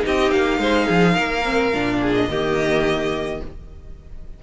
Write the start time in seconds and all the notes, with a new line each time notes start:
0.00 C4 D#4 G4
0.06 D#5
0.31 A#3 F5
0.58 G#3 C5
0.86 F3 G#4
1.13 A#3 A#4
1.44 C4
1.74 A#2 D4
2.01 G#4
2.15 D#5
2.28 D#3 A#3 G4